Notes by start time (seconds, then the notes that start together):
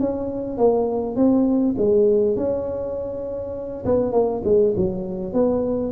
0.00 C#4
0.58 A#3
1.16 C4
1.77 G#3
2.36 C#4
3.85 B3
4.12 A#3
4.44 G#3
4.76 F#3
5.33 B3